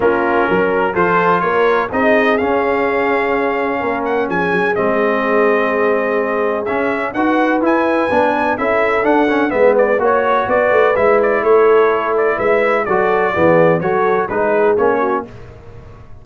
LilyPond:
<<
  \new Staff \with { instrumentName = "trumpet" } { \time 4/4 \tempo 4 = 126 ais'2 c''4 cis''4 | dis''4 f''2.~ | f''8 fis''8 gis''4 dis''2~ | dis''2 e''4 fis''4 |
gis''2 e''4 fis''4 | e''8 d''8 cis''4 d''4 e''8 d''8 | cis''4. d''8 e''4 d''4~ | d''4 cis''4 b'4 cis''4 | }
  \new Staff \with { instrumentName = "horn" } { \time 4/4 f'4 ais'4 a'4 ais'4 | gis'1 | ais'4 gis'2.~ | gis'2. b'4~ |
b'2 a'2 | b'4 cis''4 b'2 | a'2 b'4 a'4 | gis'4 a'4 gis'4. fis'8 | }
  \new Staff \with { instrumentName = "trombone" } { \time 4/4 cis'2 f'2 | dis'4 cis'2.~ | cis'2 c'2~ | c'2 cis'4 fis'4 |
e'4 d'4 e'4 d'8 cis'8 | b4 fis'2 e'4~ | e'2. fis'4 | b4 fis'4 dis'4 cis'4 | }
  \new Staff \with { instrumentName = "tuba" } { \time 4/4 ais4 fis4 f4 ais4 | c'4 cis'2. | ais4 f8 fis8 gis2~ | gis2 cis'4 dis'4 |
e'4 b4 cis'4 d'4 | gis4 ais4 b8 a8 gis4 | a2 gis4 fis4 | e4 fis4 gis4 ais4 | }
>>